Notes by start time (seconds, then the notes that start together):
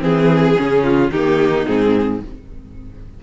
0.00 E3 C4 G#4
0.56 C#3 C#4
0.83 F4
1.10 D#3 A#3 D#4 G4
1.66 G#2 C4 G#4